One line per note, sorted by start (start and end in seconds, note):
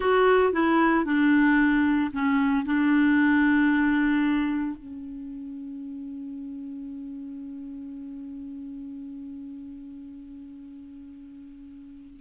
0.00 0.52 F#4
0.52 1.05 E4
1.05 2.11 D4
2.12 2.65 C#4
2.65 4.77 D4
4.77 12.20 C#4